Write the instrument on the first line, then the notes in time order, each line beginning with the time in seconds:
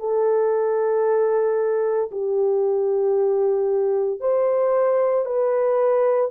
horn
0.00 A4
2.11 G4
4.21 C5
5.26 B4